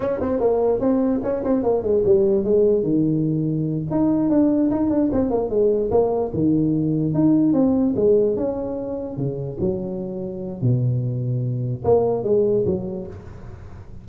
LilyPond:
\new Staff \with { instrumentName = "tuba" } { \time 4/4 \tempo 4 = 147 cis'8 c'8 ais4 c'4 cis'8 c'8 | ais8 gis8 g4 gis4 dis4~ | dis4. dis'4 d'4 dis'8 | d'8 c'8 ais8 gis4 ais4 dis8~ |
dis4. dis'4 c'4 gis8~ | gis8 cis'2 cis4 fis8~ | fis2 b,2~ | b,4 ais4 gis4 fis4 | }